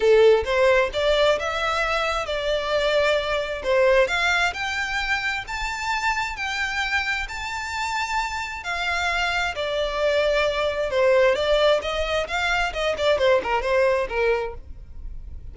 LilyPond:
\new Staff \with { instrumentName = "violin" } { \time 4/4 \tempo 4 = 132 a'4 c''4 d''4 e''4~ | e''4 d''2. | c''4 f''4 g''2 | a''2 g''2 |
a''2. f''4~ | f''4 d''2. | c''4 d''4 dis''4 f''4 | dis''8 d''8 c''8 ais'8 c''4 ais'4 | }